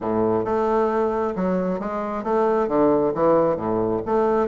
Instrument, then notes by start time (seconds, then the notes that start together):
bassoon
0.01 A2
0.45 A3
1.35 F#3
1.79 G#3
2.23 A3
2.67 D3
3.14 E3
3.56 A2
4.05 A3